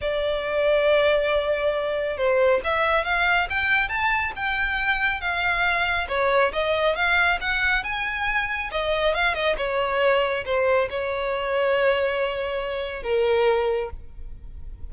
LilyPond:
\new Staff \with { instrumentName = "violin" } { \time 4/4 \tempo 4 = 138 d''1~ | d''4 c''4 e''4 f''4 | g''4 a''4 g''2 | f''2 cis''4 dis''4 |
f''4 fis''4 gis''2 | dis''4 f''8 dis''8 cis''2 | c''4 cis''2.~ | cis''2 ais'2 | }